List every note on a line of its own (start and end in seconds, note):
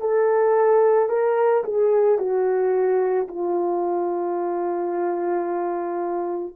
0.00 1.09 A4
1.09 1.63 A#4
1.64 2.18 G#4
2.18 3.27 F#4
3.28 6.55 F4